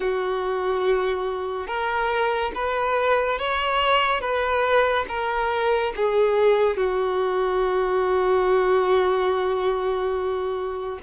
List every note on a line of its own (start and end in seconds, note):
0.00 1.67 F#4
1.67 2.51 A#4
2.54 3.38 B4
3.38 4.20 C#5
4.20 5.05 B4
5.08 5.93 A#4
5.96 6.76 G#4
6.76 10.99 F#4